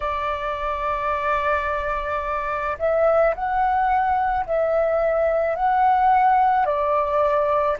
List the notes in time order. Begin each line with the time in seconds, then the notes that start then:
0.00 D5
2.78 E5
3.34 F#5
4.45 E5
5.56 F#5
6.65 D5